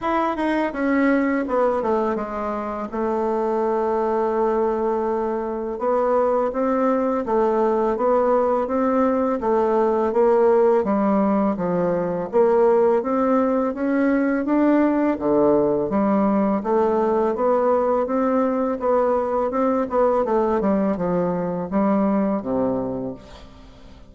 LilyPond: \new Staff \with { instrumentName = "bassoon" } { \time 4/4 \tempo 4 = 83 e'8 dis'8 cis'4 b8 a8 gis4 | a1 | b4 c'4 a4 b4 | c'4 a4 ais4 g4 |
f4 ais4 c'4 cis'4 | d'4 d4 g4 a4 | b4 c'4 b4 c'8 b8 | a8 g8 f4 g4 c4 | }